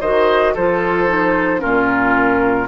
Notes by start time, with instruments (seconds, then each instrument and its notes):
0.00 bassoon D#3, clarinet F#4, oboe C5, flute D#5
0.54 bassoon F3, clarinet F4, oboe A4, flute C5
1.07 clarinet D#4
1.59 bassoon A#2, clarinet C#4, oboe F4, flute A#4